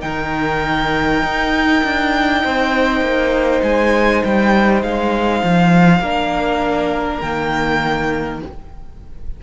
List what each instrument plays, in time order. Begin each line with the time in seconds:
0.00 cello D#3, viola D#4, violin A#4 G5
1.23 cello D#4
1.84 cello D4
2.43 cello C4, violin C5
3.01 cello A#3
3.63 cello G#3, violin G#5
4.25 cello G3, violin G5
4.83 cello G#3, violin F5
5.44 cello F3
6.00 cello A#3, viola D4, violin A#4
7.20 cello D#3, viola A#3, violin G5